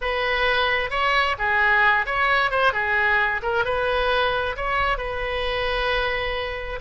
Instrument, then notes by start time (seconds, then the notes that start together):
oboe
0.01 B4
0.90 C#5
1.38 G#4
2.06 C#5
2.51 C5
2.73 G#4
3.42 A#4
3.65 B4
4.56 C#5
4.97 B4